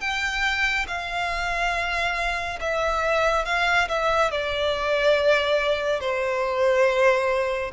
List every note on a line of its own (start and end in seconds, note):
0.00 0.86 G5
0.87 2.59 F5
2.60 3.45 E5
3.45 3.88 F5
3.88 4.31 E5
4.31 6.00 D5
6.00 7.71 C5